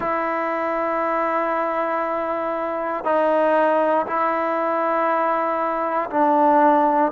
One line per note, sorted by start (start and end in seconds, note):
0.00 3.04 E4
3.04 4.05 D#4
4.06 6.09 E4
6.10 7.11 D4